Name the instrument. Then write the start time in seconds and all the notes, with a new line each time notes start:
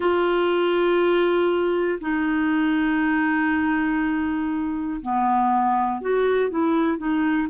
clarinet
0.00 F4
2.00 D#4
5.01 B3
6.00 F#4
6.50 E4
6.97 D#4